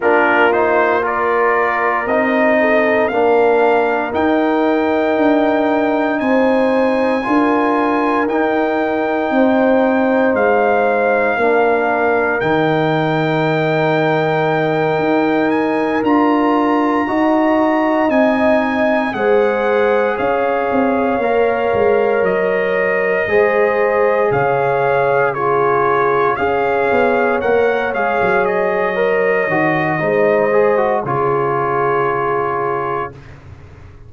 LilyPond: <<
  \new Staff \with { instrumentName = "trumpet" } { \time 4/4 \tempo 4 = 58 ais'8 c''8 d''4 dis''4 f''4 | g''2 gis''2 | g''2 f''2 | g''2. gis''8 ais''8~ |
ais''4. gis''4 fis''4 f''8~ | f''4. dis''2 f''8~ | f''8 cis''4 f''4 fis''8 f''8 dis''8~ | dis''2 cis''2 | }
  \new Staff \with { instrumentName = "horn" } { \time 4/4 f'4 ais'4. a'8 ais'4~ | ais'2 c''4 ais'4~ | ais'4 c''2 ais'4~ | ais'1~ |
ais'8 dis''2 c''4 cis''8~ | cis''2~ cis''8 c''4 cis''8~ | cis''8 gis'4 cis''2~ cis''8~ | cis''4 c''4 gis'2 | }
  \new Staff \with { instrumentName = "trombone" } { \time 4/4 d'8 dis'8 f'4 dis'4 d'4 | dis'2. f'4 | dis'2. d'4 | dis'2.~ dis'8 f'8~ |
f'8 fis'4 dis'4 gis'4.~ | gis'8 ais'2 gis'4.~ | gis'8 f'4 gis'4 ais'8 gis'4 | ais'8 fis'8 dis'8 gis'16 fis'16 f'2 | }
  \new Staff \with { instrumentName = "tuba" } { \time 4/4 ais2 c'4 ais4 | dis'4 d'4 c'4 d'4 | dis'4 c'4 gis4 ais4 | dis2~ dis8 dis'4 d'8~ |
d'8 dis'4 c'4 gis4 cis'8 | c'8 ais8 gis8 fis4 gis4 cis8~ | cis4. cis'8 b8 ais8 gis16 fis8.~ | fis8 dis8 gis4 cis2 | }
>>